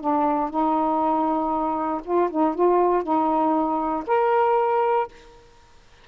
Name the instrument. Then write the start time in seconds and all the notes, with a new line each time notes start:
saxophone
0.00 D4
0.50 D#4
2.04 F4
2.30 D#4
2.55 F4
3.03 D#4
4.07 A#4